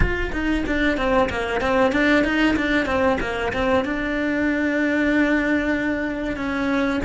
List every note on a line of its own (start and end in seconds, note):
0.00 0.31 F4
0.32 0.64 D#4
0.66 0.97 D4
0.97 1.29 C4
1.29 1.60 A#3
1.60 1.91 C4
1.91 2.23 D4
2.23 2.55 D#4
2.56 2.85 D4
2.85 3.17 C4
3.20 3.52 A#3
3.53 3.84 C4
3.84 6.36 D4
6.36 7.00 C#4